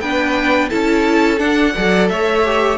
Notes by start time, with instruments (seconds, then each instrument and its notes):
0.00 cello B3, viola D4, violin B4 G5
0.69 cello C#4, viola E4, violin A4 A5
1.37 viola D4, cello D4, violin F#5
1.75 cello F#3, viola A4, violin D5
2.08 cello A3, violin C#5 E5
2.44 viola G4